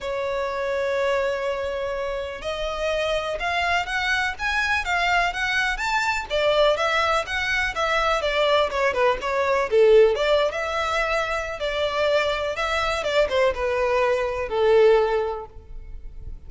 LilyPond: \new Staff \with { instrumentName = "violin" } { \time 4/4 \tempo 4 = 124 cis''1~ | cis''4 dis''2 f''4 | fis''4 gis''4 f''4 fis''4 | a''4 d''4 e''4 fis''4 |
e''4 d''4 cis''8 b'8 cis''4 | a'4 d''8. e''2~ e''16 | d''2 e''4 d''8 c''8 | b'2 a'2 | }